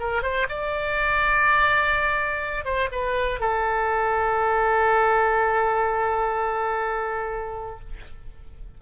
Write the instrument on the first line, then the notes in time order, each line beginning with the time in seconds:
oboe
0.00 A#4
0.23 C5
0.49 D5
2.65 C5
2.92 B4
3.40 A4